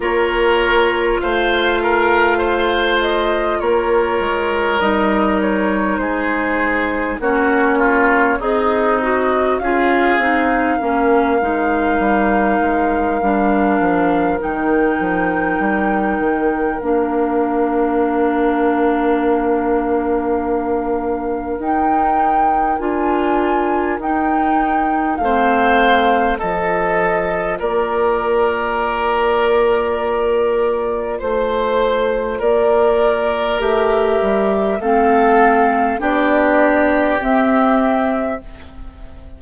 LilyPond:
<<
  \new Staff \with { instrumentName = "flute" } { \time 4/4 \tempo 4 = 50 cis''4 f''4. dis''8 cis''4 | dis''8 cis''8 c''4 cis''4 dis''4 | f''1 | g''2 f''2~ |
f''2 g''4 gis''4 | g''4 f''4 dis''4 d''4~ | d''2 c''4 d''4 | e''4 f''4 d''4 e''4 | }
  \new Staff \with { instrumentName = "oboe" } { \time 4/4 ais'4 c''8 ais'8 c''4 ais'4~ | ais'4 gis'4 fis'8 f'8 dis'4 | gis'4 ais'2.~ | ais'1~ |
ais'1~ | ais'4 c''4 a'4 ais'4~ | ais'2 c''4 ais'4~ | ais'4 a'4 g'2 | }
  \new Staff \with { instrumentName = "clarinet" } { \time 4/4 f'1 | dis'2 cis'4 gis'8 fis'8 | f'8 dis'8 cis'8 dis'4. d'4 | dis'2 d'2~ |
d'2 dis'4 f'4 | dis'4 c'4 f'2~ | f'1 | g'4 c'4 d'4 c'4 | }
  \new Staff \with { instrumentName = "bassoon" } { \time 4/4 ais4 a2 ais8 gis8 | g4 gis4 ais4 c'4 | cis'8 c'8 ais8 gis8 g8 gis8 g8 f8 | dis8 f8 g8 dis8 ais2~ |
ais2 dis'4 d'4 | dis'4 a4 f4 ais4~ | ais2 a4 ais4 | a8 g8 a4 b4 c'4 | }
>>